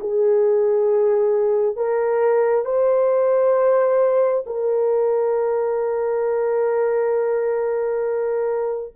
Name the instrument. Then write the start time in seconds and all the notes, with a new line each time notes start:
horn
0.00 G#4
1.76 A#4
2.65 C5
4.46 A#4